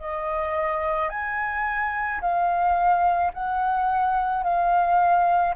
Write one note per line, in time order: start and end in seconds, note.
0.00 1.10 D#5
1.10 2.21 G#5
2.22 3.33 F5
3.34 4.44 F#5
4.44 5.55 F5